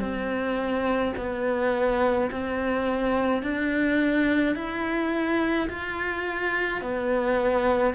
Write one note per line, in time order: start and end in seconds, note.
0.00 1.13 C4
1.17 2.31 B3
2.31 3.43 C4
3.43 4.55 D4
4.55 5.69 E4
5.70 6.81 F4
6.81 7.95 B3